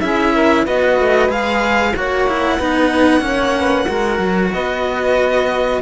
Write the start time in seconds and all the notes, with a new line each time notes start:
0.00 C#4 E4 G#4 E5
0.33 A#4
0.64 B3 F#4 B4 D#5
1.00 A3
1.28 G#3 G#4 F5
1.95 A#3 F#4 C#5 F#5
2.27 E4
2.57 B3 D#4 B4
3.20 A#3 C#4 C#5
3.58 B4
3.86 G#3 F#4 A#4
4.19 F#3
4.53 B3 B4 D#5